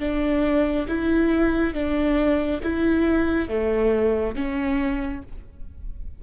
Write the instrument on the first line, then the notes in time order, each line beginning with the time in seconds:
viola
0.00 D4
0.89 E4
1.75 D4
2.64 E4
3.49 A3
4.36 C#4